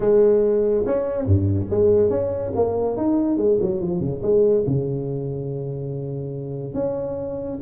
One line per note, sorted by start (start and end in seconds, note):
0.00 0.85 G#3
0.86 1.25 C#4
1.25 1.67 G2
1.70 2.10 G#3
2.10 2.52 C#4
2.55 2.97 A#3
2.97 3.37 D#4
3.37 3.58 G#3
3.61 3.80 F#3
3.80 4.00 F3
4.00 4.21 C#3
4.22 4.64 G#3
4.66 6.74 C#3
6.74 7.58 C#4